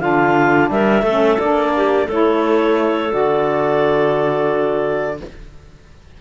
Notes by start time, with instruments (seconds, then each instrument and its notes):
0.00 cello D3, saxophone D4, clarinet F4 F5
0.70 cello G3, clarinet A#4 E5
1.02 cello A3, saxophone C#4, clarinet A4
1.39 cello A#3, saxophone D4, clarinet D5
1.76 clarinet G4
2.06 cello A3, saxophone E4, clarinet A4 C#5
3.10 cello D3, saxophone F#4, clarinet D5